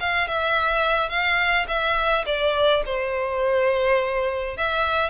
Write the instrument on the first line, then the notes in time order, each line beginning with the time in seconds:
violin
0.00 F5
0.28 E5
1.09 F5
1.68 E5
2.26 D5
2.86 C5
4.57 E5